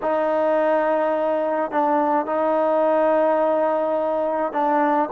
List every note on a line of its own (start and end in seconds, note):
0.02 1.71 D#4
1.71 2.26 D4
2.26 4.52 D#4
4.52 5.09 D4